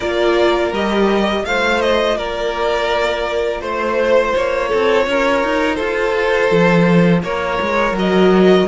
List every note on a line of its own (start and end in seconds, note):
0.00 0.72 A#3
0.00 0.73 F4
0.00 1.43 A#4
0.00 0.72 D5
0.72 1.44 G3
0.72 1.44 G4
0.72 1.45 D#5
1.44 2.17 A3
1.44 7.95 F4
1.44 2.17 C5
1.44 1.81 F5
1.81 2.17 D#5
2.17 3.60 A#3
2.17 3.60 A#4
2.17 3.61 D5
3.60 4.33 A3
3.60 4.68 C5
3.60 4.34 C5
4.34 4.72 A#3
4.34 5.75 C#5
4.68 5.07 C4
4.68 5.04 A4
5.07 5.43 C#4
5.07 5.75 A#4
5.43 5.79 D#4
5.75 6.51 F4
5.75 7.20 A4
5.75 7.20 C5
6.51 7.22 F3
7.22 7.59 A#3
7.22 8.67 A#4
7.22 7.95 C#5
7.61 7.92 G#3
7.92 8.64 F#3
7.92 8.67 F#4
7.98 8.67 D#5